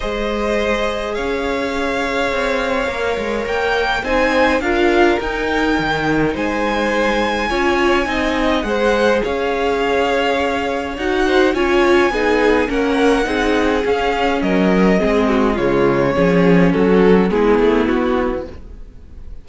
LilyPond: <<
  \new Staff \with { instrumentName = "violin" } { \time 4/4 \tempo 4 = 104 dis''2 f''2~ | f''2 g''4 gis''4 | f''4 g''2 gis''4~ | gis''2. fis''4 |
f''2. fis''4 | gis''2 fis''2 | f''4 dis''2 cis''4~ | cis''4 a'4 gis'4 fis'4 | }
  \new Staff \with { instrumentName = "violin" } { \time 4/4 c''2 cis''2~ | cis''2. c''4 | ais'2. c''4~ | c''4 cis''4 dis''4 c''4 |
cis''2.~ cis''8 c''8 | cis''4 gis'4 ais'4 gis'4~ | gis'4 ais'4 gis'8 fis'8 f'4 | gis'4 fis'4 e'2 | }
  \new Staff \with { instrumentName = "viola" } { \time 4/4 gis'1~ | gis'4 ais'2 dis'4 | f'4 dis'2.~ | dis'4 f'4 dis'4 gis'4~ |
gis'2. fis'4 | f'4 dis'4 cis'4 dis'4 | cis'2 c'4 gis4 | cis'2 b2 | }
  \new Staff \with { instrumentName = "cello" } { \time 4/4 gis2 cis'2 | c'4 ais8 gis8 ais4 c'4 | d'4 dis'4 dis4 gis4~ | gis4 cis'4 c'4 gis4 |
cis'2. dis'4 | cis'4 b4 ais4 c'4 | cis'4 fis4 gis4 cis4 | f4 fis4 gis8 a8 b4 | }
>>